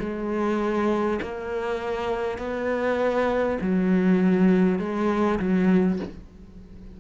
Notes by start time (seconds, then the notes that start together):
0.00 G#3
1.22 A#3
2.38 B3
3.61 F#3
4.79 G#3
5.39 F#3